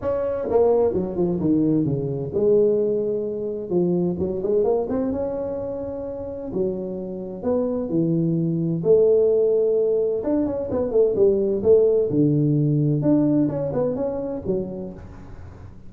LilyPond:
\new Staff \with { instrumentName = "tuba" } { \time 4/4 \tempo 4 = 129 cis'4 ais4 fis8 f8 dis4 | cis4 gis2. | f4 fis8 gis8 ais8 c'8 cis'4~ | cis'2 fis2 |
b4 e2 a4~ | a2 d'8 cis'8 b8 a8 | g4 a4 d2 | d'4 cis'8 b8 cis'4 fis4 | }